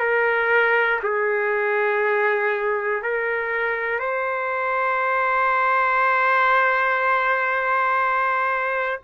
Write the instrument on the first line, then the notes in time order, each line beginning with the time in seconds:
trumpet
0.00 A#4
1.03 G#4
3.03 A#4
4.00 C5